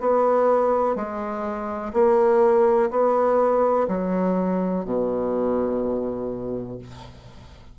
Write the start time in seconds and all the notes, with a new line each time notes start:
0.00 B3
0.96 G#3
1.94 A#3
2.90 B3
3.88 F#3
4.85 B2